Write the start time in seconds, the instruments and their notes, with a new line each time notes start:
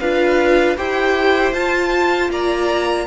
0.00 cello D4, viola F4, violin B4 F5
0.77 cello E4, viola G4, violin C5 G5
1.53 cello F4, viola F4, violin A5
2.30 cello A#3, violin D5 A#5